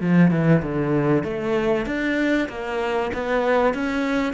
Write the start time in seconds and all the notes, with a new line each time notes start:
0.00 F3
0.30 E3
0.62 D3
1.23 A3
1.86 D4
2.49 A#3
3.13 B3
3.74 C#4